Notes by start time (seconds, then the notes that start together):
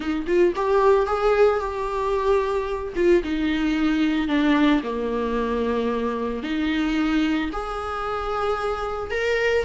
0.00 D#4
0.27 F4
0.55 G4
1.06 G#4
1.59 G4
2.95 F4
3.23 D#4
4.28 D4
4.83 A#3
6.43 D#4
7.52 G#4
9.10 A#4